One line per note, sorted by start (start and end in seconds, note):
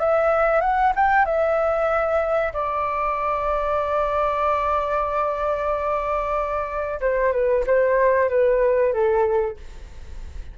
0.00 0.62 E5
0.62 0.93 F#5
0.96 1.26 G5
1.26 2.53 E5
2.54 7.01 D5
7.02 7.33 C5
7.33 7.65 B4
7.67 8.30 C5
8.30 8.94 B4
8.94 9.57 A4